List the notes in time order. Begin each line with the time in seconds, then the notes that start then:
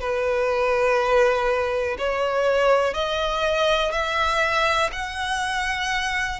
0.00 B4
1.98 C#5
2.94 D#5
3.92 E5
4.92 F#5